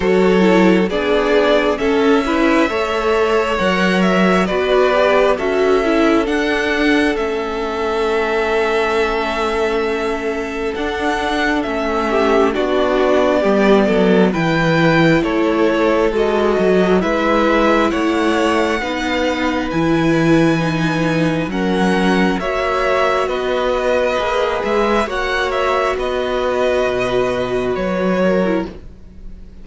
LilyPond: <<
  \new Staff \with { instrumentName = "violin" } { \time 4/4 \tempo 4 = 67 cis''4 d''4 e''2 | fis''8 e''8 d''4 e''4 fis''4 | e''1 | fis''4 e''4 d''2 |
g''4 cis''4 dis''4 e''4 | fis''2 gis''2 | fis''4 e''4 dis''4. e''8 | fis''8 e''8 dis''2 cis''4 | }
  \new Staff \with { instrumentName = "violin" } { \time 4/4 a'4 gis'4 a'8 b'8 cis''4~ | cis''4 b'4 a'2~ | a'1~ | a'4. g'8 fis'4 g'8 a'8 |
b'4 a'2 b'4 | cis''4 b'2. | ais'4 cis''4 b'2 | cis''4 b'2~ b'8 ais'8 | }
  \new Staff \with { instrumentName = "viola" } { \time 4/4 fis'8 e'8 d'4 cis'8 e'8 a'4 | ais'4 fis'8 g'8 fis'8 e'8 d'4 | cis'1 | d'4 cis'4 d'4 b4 |
e'2 fis'4 e'4~ | e'4 dis'4 e'4 dis'4 | cis'4 fis'2 gis'4 | fis'2.~ fis'8. e'16 | }
  \new Staff \with { instrumentName = "cello" } { \time 4/4 fis4 b4 cis'4 a4 | fis4 b4 cis'4 d'4 | a1 | d'4 a4 b4 g8 fis8 |
e4 a4 gis8 fis8 gis4 | a4 b4 e2 | fis4 ais4 b4 ais8 gis8 | ais4 b4 b,4 fis4 | }
>>